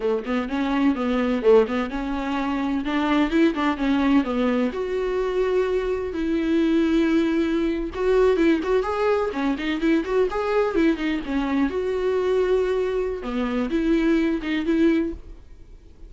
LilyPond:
\new Staff \with { instrumentName = "viola" } { \time 4/4 \tempo 4 = 127 a8 b8 cis'4 b4 a8 b8 | cis'2 d'4 e'8 d'8 | cis'4 b4 fis'2~ | fis'4 e'2.~ |
e'8. fis'4 e'8 fis'8 gis'4 cis'16~ | cis'16 dis'8 e'8 fis'8 gis'4 e'8 dis'8 cis'16~ | cis'8. fis'2.~ fis'16 | b4 e'4. dis'8 e'4 | }